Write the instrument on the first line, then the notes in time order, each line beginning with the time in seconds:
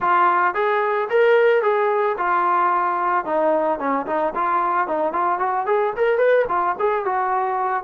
trombone
0.00 F4
0.54 G#4
1.09 A#4
1.62 G#4
2.17 F4
3.25 D#4
3.79 C#4
4.06 D#4
4.34 F4
4.87 D#4
5.13 F4
5.38 F#4
5.66 G#4
5.96 A#4
6.18 B4
6.48 F4
6.79 G#4
7.05 F#4